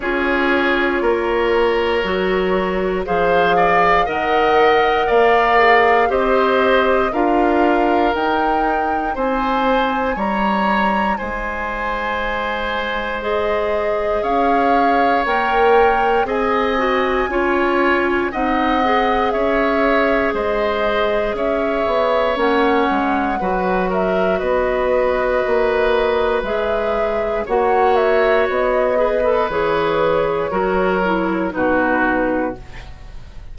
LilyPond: <<
  \new Staff \with { instrumentName = "flute" } { \time 4/4 \tempo 4 = 59 cis''2. f''4 | fis''4 f''4 dis''4 f''4 | g''4 gis''4 ais''4 gis''4~ | gis''4 dis''4 f''4 g''4 |
gis''2 fis''4 e''4 | dis''4 e''4 fis''4. e''8 | dis''2 e''4 fis''8 e''8 | dis''4 cis''2 b'4 | }
  \new Staff \with { instrumentName = "oboe" } { \time 4/4 gis'4 ais'2 c''8 d''8 | dis''4 d''4 c''4 ais'4~ | ais'4 c''4 cis''4 c''4~ | c''2 cis''2 |
dis''4 cis''4 dis''4 cis''4 | c''4 cis''2 b'8 ais'8 | b'2. cis''4~ | cis''8 b'4. ais'4 fis'4 | }
  \new Staff \with { instrumentName = "clarinet" } { \time 4/4 f'2 fis'4 gis'4 | ais'4. gis'8 g'4 f'4 | dis'1~ | dis'4 gis'2 ais'4 |
gis'8 fis'8 f'4 dis'8 gis'4.~ | gis'2 cis'4 fis'4~ | fis'2 gis'4 fis'4~ | fis'8 gis'16 a'16 gis'4 fis'8 e'8 dis'4 | }
  \new Staff \with { instrumentName = "bassoon" } { \time 4/4 cis'4 ais4 fis4 f4 | dis4 ais4 c'4 d'4 | dis'4 c'4 g4 gis4~ | gis2 cis'4 ais4 |
c'4 cis'4 c'4 cis'4 | gis4 cis'8 b8 ais8 gis8 fis4 | b4 ais4 gis4 ais4 | b4 e4 fis4 b,4 | }
>>